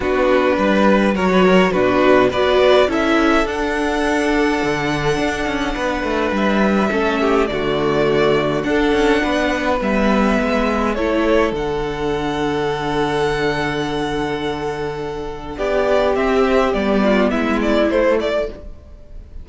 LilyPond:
<<
  \new Staff \with { instrumentName = "violin" } { \time 4/4 \tempo 4 = 104 b'2 cis''4 b'4 | d''4 e''4 fis''2~ | fis''2. e''4~ | e''4 d''2 fis''4~ |
fis''4 e''2 cis''4 | fis''1~ | fis''2. d''4 | e''4 d''4 e''8 d''8 c''8 d''8 | }
  \new Staff \with { instrumentName = "violin" } { \time 4/4 fis'4 b'4 ais'16 b'16 ais'8 fis'4 | b'4 a'2.~ | a'2 b'2 | a'8 g'8 fis'2 a'4 |
b'2. a'4~ | a'1~ | a'2. g'4~ | g'4. f'8 e'2 | }
  \new Staff \with { instrumentName = "viola" } { \time 4/4 d'2 fis'4 d'4 | fis'4 e'4 d'2~ | d'1 | cis'4 a2 d'4~ |
d'4 b2 e'4 | d'1~ | d'1 | c'4 b2 a4 | }
  \new Staff \with { instrumentName = "cello" } { \time 4/4 b4 g4 fis4 b,4 | b4 cis'4 d'2 | d4 d'8 cis'8 b8 a8 g4 | a4 d2 d'8 cis'8 |
b4 g4 gis4 a4 | d1~ | d2. b4 | c'4 g4 gis4 a4 | }
>>